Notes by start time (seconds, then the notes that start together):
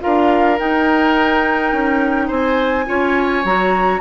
0.00 D4 F4 A#4 F5
0.58 D#4 G5
1.72 C#4
2.27 C4 C5 G#5
2.86 C#4 F4 C#5
3.44 F#3 F#4 A#5